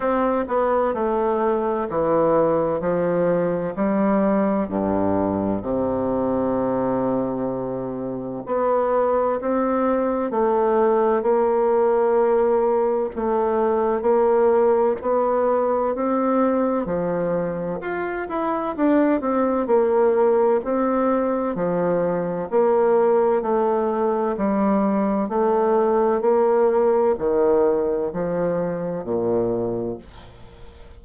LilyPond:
\new Staff \with { instrumentName = "bassoon" } { \time 4/4 \tempo 4 = 64 c'8 b8 a4 e4 f4 | g4 g,4 c2~ | c4 b4 c'4 a4 | ais2 a4 ais4 |
b4 c'4 f4 f'8 e'8 | d'8 c'8 ais4 c'4 f4 | ais4 a4 g4 a4 | ais4 dis4 f4 ais,4 | }